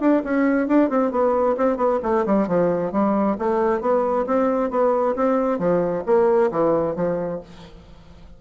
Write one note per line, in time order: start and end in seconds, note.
0.00 0.22 D4
0.24 0.68 C#4
0.68 0.90 D4
0.90 1.11 C4
1.11 1.56 B3
1.57 1.77 C4
1.77 1.99 B3
2.03 2.25 A3
2.26 2.47 G3
2.47 2.92 F3
2.92 3.37 G3
3.38 3.81 A3
3.81 4.26 B3
4.27 4.70 C4
4.70 5.15 B3
5.16 5.59 C4
5.59 6.04 F3
6.06 6.51 A#3
6.51 6.96 E3
6.96 7.40 F3